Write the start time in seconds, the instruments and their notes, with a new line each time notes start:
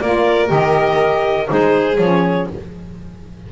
0.00 double bass A#3, saxophone F4, violin A#4, clarinet D5
0.47 double bass D#3, saxophone G4, clarinet D#5
1.48 double bass G#3, saxophone D#4, violin G#4, clarinet C5
1.98 double bass F3, saxophone C#4, clarinet C#5